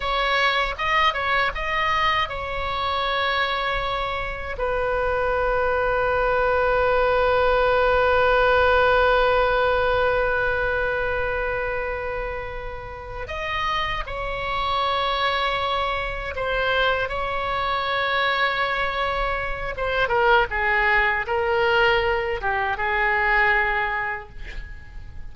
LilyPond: \new Staff \with { instrumentName = "oboe" } { \time 4/4 \tempo 4 = 79 cis''4 dis''8 cis''8 dis''4 cis''4~ | cis''2 b'2~ | b'1~ | b'1~ |
b'4. dis''4 cis''4.~ | cis''4. c''4 cis''4.~ | cis''2 c''8 ais'8 gis'4 | ais'4. g'8 gis'2 | }